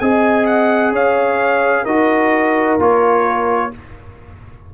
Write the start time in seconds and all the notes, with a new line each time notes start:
0.00 C4 G#4 D#5 G#5
0.46 F#5
0.92 C#4 C#5 F5
1.84 D#4 F#4 A#4 D#5
2.79 A#3 F4 C#5